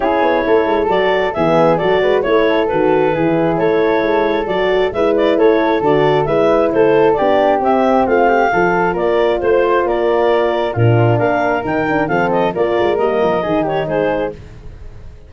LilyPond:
<<
  \new Staff \with { instrumentName = "clarinet" } { \time 4/4 \tempo 4 = 134 cis''2 d''4 e''4 | d''4 cis''4 b'2 | cis''2 d''4 e''8 d''8 | cis''4 d''4 e''4 c''4 |
d''4 e''4 f''2 | d''4 c''4 d''2 | ais'4 f''4 g''4 f''8 dis''8 | d''4 dis''4. cis''8 c''4 | }
  \new Staff \with { instrumentName = "flute" } { \time 4/4 gis'4 a'2 gis'4 | a'8 b'8 cis''8 a'4. gis'4 | a'2. b'4 | a'2 b'4 a'4 |
g'2 f'8 g'8 a'4 | ais'4 c''4 ais'2 | f'4 ais'2 a'4 | ais'2 gis'8 g'8 gis'4 | }
  \new Staff \with { instrumentName = "horn" } { \time 4/4 e'2 fis'4 b4 | fis'4 e'4 fis'4 e'4~ | e'2 fis'4 e'4~ | e'4 fis'4 e'2 |
d'4 c'2 f'4~ | f'1 | d'2 dis'8 d'8 c'4 | f'4 ais4 dis'2 | }
  \new Staff \with { instrumentName = "tuba" } { \time 4/4 cis'8 b8 a8 gis8 fis4 e4 | fis8 gis8 a4 dis4 e4 | a4 gis4 fis4 gis4 | a4 d4 gis4 a4 |
b4 c'4 a4 f4 | ais4 a4 ais2 | ais,4 ais4 dis4 f4 | ais8 gis8 g8 f8 dis4 gis4 | }
>>